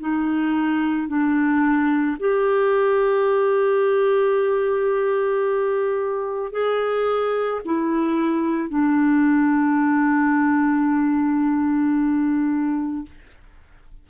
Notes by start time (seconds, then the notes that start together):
0.00 D#4
1.08 D4
2.20 G4
6.52 G#4
7.65 E4
8.70 D4